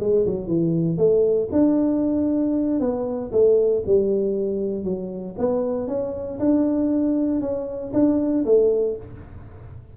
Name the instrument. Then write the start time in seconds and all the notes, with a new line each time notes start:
tuba
0.00 G#3
0.26 F#3
0.47 E3
0.98 A3
1.52 D4
2.80 B3
3.32 A3
3.86 G3
4.84 F#3
5.38 B3
5.88 C#4
6.39 D4
7.41 C#4
7.93 D4
8.45 A3